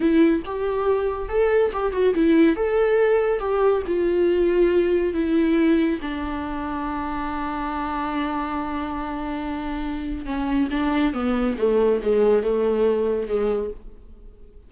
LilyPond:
\new Staff \with { instrumentName = "viola" } { \time 4/4 \tempo 4 = 140 e'4 g'2 a'4 | g'8 fis'8 e'4 a'2 | g'4 f'2. | e'2 d'2~ |
d'1~ | d'1 | cis'4 d'4 b4 a4 | gis4 a2 gis4 | }